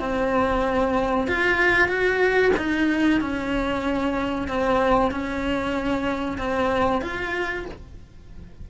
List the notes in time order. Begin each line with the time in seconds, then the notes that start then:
0.00 C4
1.28 F4
1.88 F#4
2.57 D#4
3.21 C#4
4.48 C4
5.11 C#4
6.38 C4
7.02 F4